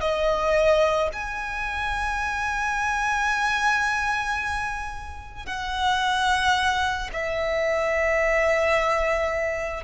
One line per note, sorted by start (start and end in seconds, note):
0.00 1.09 D#5
1.13 5.46 G#5
5.46 7.10 F#5
7.13 9.83 E5